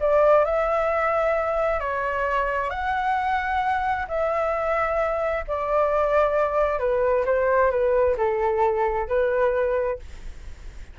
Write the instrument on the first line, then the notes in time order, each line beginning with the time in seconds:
flute
0.00 D5
0.45 E5
1.80 C#5
2.70 F#5
4.08 E5
5.47 D5
6.79 B4
7.26 C5
7.70 B4
8.17 A4
9.08 B4